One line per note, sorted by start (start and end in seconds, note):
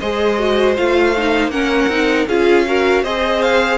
0.00 0.78 G#3
0.00 0.39 G#4
0.00 1.52 C5
0.00 0.76 D#5
0.39 0.77 F#4
0.77 1.48 A3
0.77 1.15 F4
0.77 1.51 F5
1.17 1.52 D#4
1.48 1.86 A#3
1.48 1.90 C#4
1.48 2.28 A#4
1.48 2.27 F#5
1.88 2.26 C4
1.88 2.28 D#4
2.28 3.03 C#4
2.28 2.67 F4
2.28 2.66 G#4
2.28 3.04 F5
2.67 3.05 F#4
2.67 3.03 A#4
3.03 3.78 C4
3.03 3.78 G#4
3.03 3.78 C5
3.03 3.42 D#5
3.42 3.78 F5